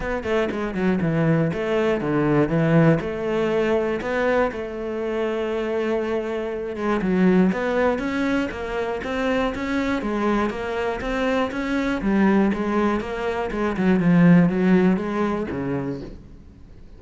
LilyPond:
\new Staff \with { instrumentName = "cello" } { \time 4/4 \tempo 4 = 120 b8 a8 gis8 fis8 e4 a4 | d4 e4 a2 | b4 a2.~ | a4. gis8 fis4 b4 |
cis'4 ais4 c'4 cis'4 | gis4 ais4 c'4 cis'4 | g4 gis4 ais4 gis8 fis8 | f4 fis4 gis4 cis4 | }